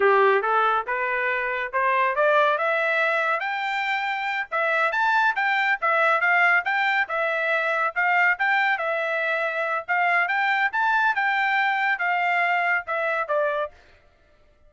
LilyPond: \new Staff \with { instrumentName = "trumpet" } { \time 4/4 \tempo 4 = 140 g'4 a'4 b'2 | c''4 d''4 e''2 | g''2~ g''8 e''4 a''8~ | a''8 g''4 e''4 f''4 g''8~ |
g''8 e''2 f''4 g''8~ | g''8 e''2~ e''8 f''4 | g''4 a''4 g''2 | f''2 e''4 d''4 | }